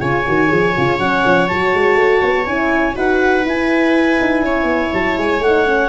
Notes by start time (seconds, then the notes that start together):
0.00 C#3 F4 C#5 G#5
0.26 D#3 F#4
0.48 F3 G#4
0.77 C#3 F4
0.99 F#3 C#4 F#5
1.25 F3
1.47 F#3 F#4 A5
1.74 G#3
1.95 A3
2.22 B3
2.46 C#4 E4 G#5
2.95 D#4 F#4 B4 F#5
3.45 E4 G#5
4.20 D#4
4.41 C#4 C#5
4.64 B3
4.93 F#3 A5
5.18 G#3 G#5
5.40 A3 F#5
5.46 D#4
5.66 C#4